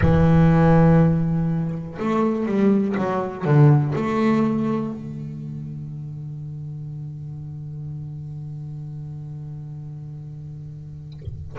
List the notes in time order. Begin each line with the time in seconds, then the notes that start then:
0.01 E3
1.99 A3
2.45 G3
2.97 F#3
3.44 D3
3.95 A3
4.93 D3